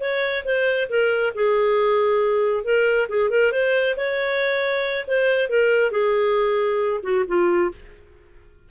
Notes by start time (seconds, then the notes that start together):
0.00 C#5
0.44 C5
0.89 A#4
1.35 G#4
2.64 A#4
3.09 G#4
3.30 A#4
3.52 C5
3.96 C#5
5.07 C5
5.49 A#4
5.91 G#4
7.03 F#4
7.27 F4